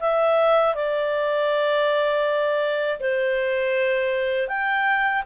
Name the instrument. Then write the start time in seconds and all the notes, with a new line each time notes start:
clarinet
0.00 E5
0.75 D5
3.00 C5
4.48 G5